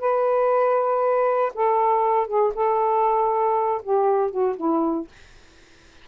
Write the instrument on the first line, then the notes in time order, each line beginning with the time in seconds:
saxophone
0.00 B4
1.55 A4
2.27 G#4
2.55 A4
3.83 G4
4.31 F#4
4.57 E4